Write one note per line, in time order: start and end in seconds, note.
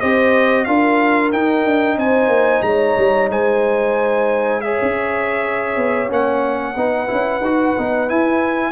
0.00 0.67 C4
0.00 0.66 G4
0.00 0.66 C5
0.00 0.64 D#5
0.64 1.33 D4
0.64 1.32 F4
0.64 1.98 A#4
0.64 1.30 F5
1.32 1.65 D#4
1.32 4.63 D#4
1.32 1.98 G5
1.65 1.96 D4
1.96 2.27 C4
1.96 2.64 C5
1.96 2.62 G#5
2.27 2.60 A#3
2.62 2.95 G#3
2.62 3.31 C#5
2.62 3.28 A#5
2.97 3.29 G3
3.29 4.77 G#3
3.29 4.63 C5
3.29 4.61 G#5
4.61 6.08 G#4
4.61 6.78 C#5
4.61 6.09 E5
4.82 5.76 C#4
5.76 6.09 B3
6.08 6.75 A#3
6.08 6.74 C#4
6.08 8.09 F#5
6.76 7.09 B3
6.76 7.07 D#4
6.76 8.72 B4
7.07 7.40 C#4
7.07 7.40 E4
7.40 7.73 D#4
7.40 7.77 F#4
7.77 8.09 B3
7.77 8.07 D#4
8.07 8.72 E4
8.07 8.72 G#5